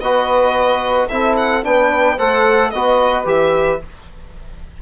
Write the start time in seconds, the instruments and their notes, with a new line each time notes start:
0.00 bassoon B3, trombone F#4, saxophone B4, violin D#5
1.08 bassoon C4, trombone E4, saxophone A4, violin E5
1.37 violin F#5
1.63 bassoon B3, trombone D4, saxophone B4, violin G5
2.16 bassoon A3, trombone A4, saxophone C5, violin F#5
2.70 bassoon B3, trombone F#4, saxophone B4, violin D#5
3.25 bassoon E3, trombone G4, violin E5